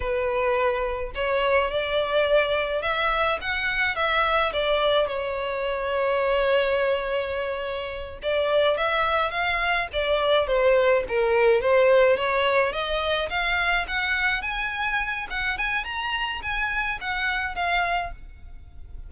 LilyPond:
\new Staff \with { instrumentName = "violin" } { \time 4/4 \tempo 4 = 106 b'2 cis''4 d''4~ | d''4 e''4 fis''4 e''4 | d''4 cis''2.~ | cis''2~ cis''8 d''4 e''8~ |
e''8 f''4 d''4 c''4 ais'8~ | ais'8 c''4 cis''4 dis''4 f''8~ | f''8 fis''4 gis''4. fis''8 gis''8 | ais''4 gis''4 fis''4 f''4 | }